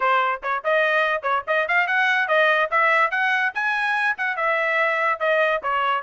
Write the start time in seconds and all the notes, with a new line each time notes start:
0.00 C5
0.42 C#5
0.64 D#5
1.22 C#5
1.47 D#5
1.68 F5
1.87 F#5
2.28 D#5
2.71 E5
3.10 F#5
3.54 G#5
4.17 F#5
4.36 E5
5.19 D#5
5.62 C#5